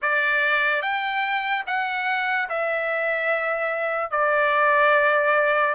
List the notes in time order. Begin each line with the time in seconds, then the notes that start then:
0.01 D5
0.81 G5
1.66 F#5
2.49 E5
4.11 D5